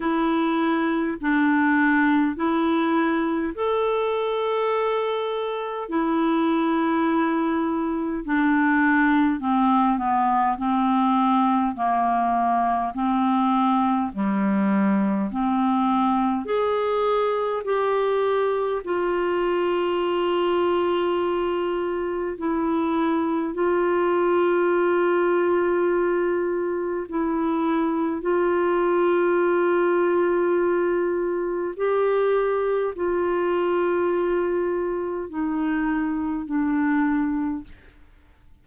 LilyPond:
\new Staff \with { instrumentName = "clarinet" } { \time 4/4 \tempo 4 = 51 e'4 d'4 e'4 a'4~ | a'4 e'2 d'4 | c'8 b8 c'4 ais4 c'4 | g4 c'4 gis'4 g'4 |
f'2. e'4 | f'2. e'4 | f'2. g'4 | f'2 dis'4 d'4 | }